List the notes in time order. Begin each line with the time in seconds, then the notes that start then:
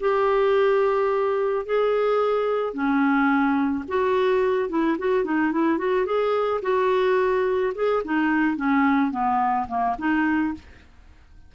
0.00 G4
1.66 G#4
2.73 C#4
3.88 F#4
4.69 E4
4.98 F#4
5.24 D#4
5.52 E4
5.78 F#4
6.06 G#4
6.62 F#4
7.75 G#4
8.04 D#4
8.56 C#4
9.11 B3
9.68 A#3
9.99 D#4